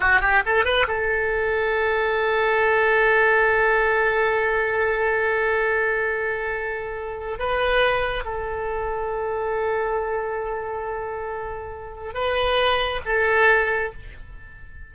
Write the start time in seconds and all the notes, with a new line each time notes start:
0.00 F#4
0.20 G4
0.45 A4
0.64 B4
0.87 A4
7.38 B4
8.24 A4
12.13 B4
13.05 A4